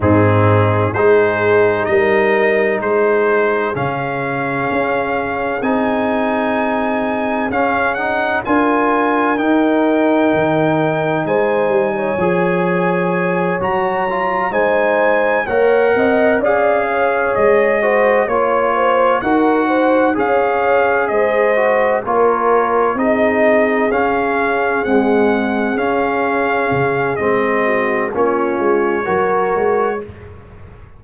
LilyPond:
<<
  \new Staff \with { instrumentName = "trumpet" } { \time 4/4 \tempo 4 = 64 gis'4 c''4 dis''4 c''4 | f''2 gis''2 | f''8 fis''8 gis''4 g''2 | gis''2~ gis''8 ais''4 gis''8~ |
gis''8 fis''4 f''4 dis''4 cis''8~ | cis''8 fis''4 f''4 dis''4 cis''8~ | cis''8 dis''4 f''4 fis''4 f''8~ | f''4 dis''4 cis''2 | }
  \new Staff \with { instrumentName = "horn" } { \time 4/4 dis'4 gis'4 ais'4 gis'4~ | gis'1~ | gis'4 ais'2. | c''8. cis''2~ cis''8. c''8~ |
c''8 cis''8 dis''8 d''8 cis''4 c''8 cis''8 | c''8 ais'8 c''8 cis''4 c''4 ais'8~ | ais'8 gis'2.~ gis'8~ | gis'4. fis'8 f'4 ais'4 | }
  \new Staff \with { instrumentName = "trombone" } { \time 4/4 c'4 dis'2. | cis'2 dis'2 | cis'8 dis'8 f'4 dis'2~ | dis'4 gis'4. fis'8 f'8 dis'8~ |
dis'8 ais'4 gis'4. fis'8 f'8~ | f'8 fis'4 gis'4. fis'8 f'8~ | f'8 dis'4 cis'4 gis4 cis'8~ | cis'4 c'4 cis'4 fis'4 | }
  \new Staff \with { instrumentName = "tuba" } { \time 4/4 gis,4 gis4 g4 gis4 | cis4 cis'4 c'2 | cis'4 d'4 dis'4 dis4 | gis8 g8 f4. fis4 gis8~ |
gis8 ais8 c'8 cis'4 gis4 ais8~ | ais8 dis'4 cis'4 gis4 ais8~ | ais8 c'4 cis'4 c'4 cis'8~ | cis'8 cis8 gis4 ais8 gis8 fis8 gis8 | }
>>